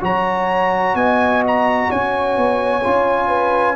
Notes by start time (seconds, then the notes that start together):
0.00 F#3 F#4 C#5 A#5
0.95 B3 D#5 G#5
1.47 A#5
1.89 C#4 C#5 G#5
2.37 B3
2.83 C#4 F4
3.28 B4